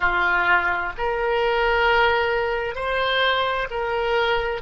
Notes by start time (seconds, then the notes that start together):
0.00 F4
0.97 A#4
2.75 C5
3.70 A#4